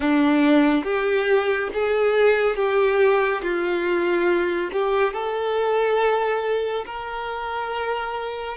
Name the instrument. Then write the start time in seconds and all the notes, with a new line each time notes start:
violin
0.00 D4
0.84 G4
1.73 G#4
2.56 G4
3.42 F4
4.72 G4
5.13 A4
6.86 A#4